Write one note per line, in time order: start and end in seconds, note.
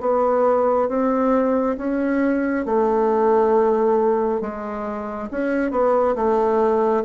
0.00 0.88 B3
0.88 1.76 C4
1.77 2.66 C#4
2.66 4.41 A3
4.41 5.29 G#3
5.31 5.71 C#4
5.71 6.15 B3
6.15 7.03 A3